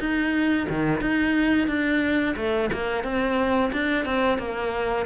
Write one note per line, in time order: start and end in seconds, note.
0.00 0.67 D#4
0.70 1.01 D#3
1.01 1.68 D#4
1.68 2.36 D4
2.37 2.70 A3
2.73 3.04 A#3
3.04 3.71 C4
3.73 4.06 D4
4.06 4.39 C4
4.39 5.06 A#3